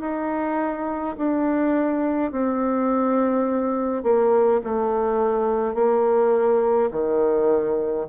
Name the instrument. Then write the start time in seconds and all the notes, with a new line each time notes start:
bassoon
0.00 D#4
1.17 D4
2.31 C4
4.03 A#3
4.63 A3
5.74 A#3
6.91 D#3